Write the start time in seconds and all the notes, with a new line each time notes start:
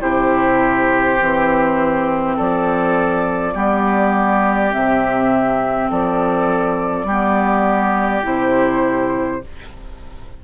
0.00 C3 E4 G4 C5
1.21 E3 C4
2.37 F3 A4 D5
3.53 G3 B3 G4
4.71 C3 C4 E5
5.90 F3 A4 D5
7.05 G3 B3 G4
8.23 C3 E4 C5